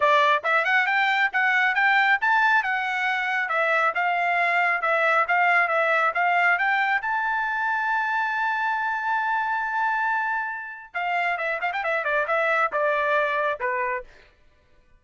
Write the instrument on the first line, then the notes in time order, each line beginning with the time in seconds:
trumpet
0.00 D5
0.43 E5
0.64 F#5
0.86 G5
1.32 F#5
1.74 G5
2.21 A5
2.63 F#5
3.48 E5
3.94 F5
4.81 E5
5.28 F5
5.68 E5
6.14 F5
6.58 G5
7.01 A5
10.94 F5
11.37 E5
11.61 F5
11.73 G5
11.83 E5
12.04 D5
12.27 E5
12.72 D5
13.60 B4